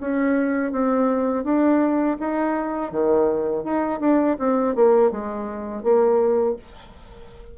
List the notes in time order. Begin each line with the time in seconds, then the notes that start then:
0.00 C#4
0.72 C4
1.44 D4
2.19 D#4
2.91 D#3
3.64 D#4
4.00 D4
4.38 C4
4.75 A#3
5.11 G#3
5.83 A#3